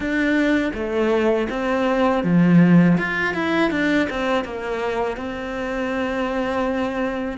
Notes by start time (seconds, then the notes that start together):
0.00 D4
0.74 A3
1.49 C4
2.23 F3
2.98 F4
3.33 E4
3.70 D4
4.10 C4
4.44 A#3
5.16 C4